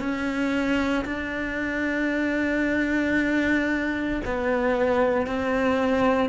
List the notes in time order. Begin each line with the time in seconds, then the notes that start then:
0.00 C#4
1.06 D4
4.25 B3
5.27 C4